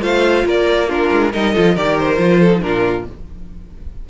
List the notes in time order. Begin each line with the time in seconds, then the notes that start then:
0.00 A3 F4 C5 F5
0.45 A#3 A#4 D5
0.88 D4 F4 A#4
1.12 G#3
1.32 G3 D#4 A#4 D#5
1.53 F3 F4 A4
1.74 D#3 G4 A#4 D5
1.98 C5
2.16 F3 F4
2.39 A4
2.51 D#4
2.61 A#2 D4 F4 A#4